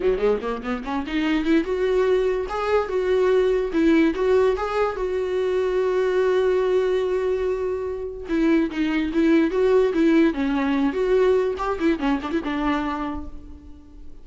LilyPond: \new Staff \with { instrumentName = "viola" } { \time 4/4 \tempo 4 = 145 fis8 gis8 ais8 b8 cis'8 dis'4 e'8 | fis'2 gis'4 fis'4~ | fis'4 e'4 fis'4 gis'4 | fis'1~ |
fis'1 | e'4 dis'4 e'4 fis'4 | e'4 cis'4. fis'4. | g'8 e'8 cis'8 d'16 e'16 d'2 | }